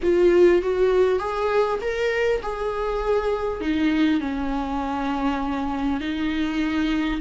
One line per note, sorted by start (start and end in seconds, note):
0.02 0.62 F4
0.62 1.19 F#4
1.19 1.79 G#4
1.81 2.41 A#4
2.42 3.61 G#4
3.61 4.20 D#4
4.20 6.00 C#4
6.00 7.20 D#4